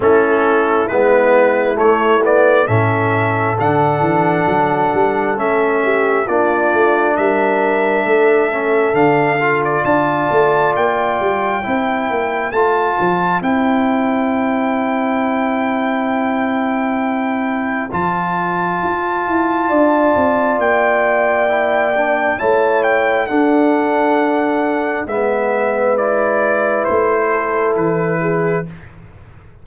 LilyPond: <<
  \new Staff \with { instrumentName = "trumpet" } { \time 4/4 \tempo 4 = 67 a'4 b'4 cis''8 d''8 e''4 | fis''2 e''4 d''4 | e''2 f''8. d''16 a''4 | g''2 a''4 g''4~ |
g''1 | a''2. g''4~ | g''4 a''8 g''8 fis''2 | e''4 d''4 c''4 b'4 | }
  \new Staff \with { instrumentName = "horn" } { \time 4/4 e'2. a'4~ | a'2~ a'8 g'8 f'4 | ais'4 a'2 d''4~ | d''4 c''2.~ |
c''1~ | c''2 d''2~ | d''4 cis''4 a'2 | b'2~ b'8 a'4 gis'8 | }
  \new Staff \with { instrumentName = "trombone" } { \time 4/4 cis'4 b4 a8 b8 cis'4 | d'2 cis'4 d'4~ | d'4. cis'8 d'8 f'4.~ | f'4 e'4 f'4 e'4~ |
e'1 | f'1 | e'8 d'8 e'4 d'2 | b4 e'2. | }
  \new Staff \with { instrumentName = "tuba" } { \time 4/4 a4 gis4 a4 a,4 | d8 e8 fis8 g8 a4 ais8 a8 | g4 a4 d4 d'8 a8 | ais8 g8 c'8 ais8 a8 f8 c'4~ |
c'1 | f4 f'8 e'8 d'8 c'8 ais4~ | ais4 a4 d'2 | gis2 a4 e4 | }
>>